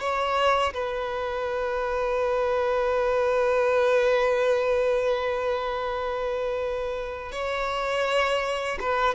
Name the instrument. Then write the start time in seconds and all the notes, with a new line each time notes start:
violin
0.00 C#5
0.74 B4
7.32 C#5
8.80 B4